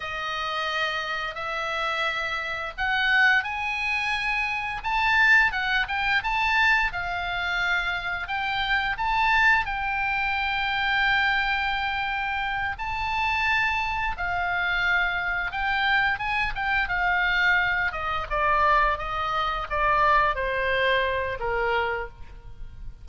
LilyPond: \new Staff \with { instrumentName = "oboe" } { \time 4/4 \tempo 4 = 87 dis''2 e''2 | fis''4 gis''2 a''4 | fis''8 g''8 a''4 f''2 | g''4 a''4 g''2~ |
g''2~ g''8 a''4.~ | a''8 f''2 g''4 gis''8 | g''8 f''4. dis''8 d''4 dis''8~ | dis''8 d''4 c''4. ais'4 | }